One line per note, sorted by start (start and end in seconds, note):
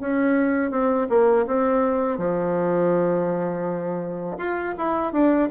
0.00 0.71 C#4
0.71 1.07 C4
1.09 1.46 A#3
1.46 2.18 C4
2.18 4.37 F3
4.38 4.74 F4
4.78 5.12 E4
5.12 5.49 D4